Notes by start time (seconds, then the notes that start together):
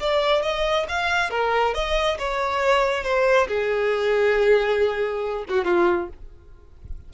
0.00 D5
0.43 D#5
0.89 F5
1.31 A#4
1.74 D#5
2.19 C#5
3.04 C5
3.48 G#4
5.49 F#4
5.65 F4